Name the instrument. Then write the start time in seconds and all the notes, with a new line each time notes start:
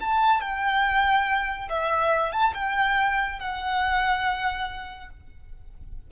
violin
0.00 A5
0.41 G5
1.69 E5
2.32 A5
2.54 G5
3.39 F#5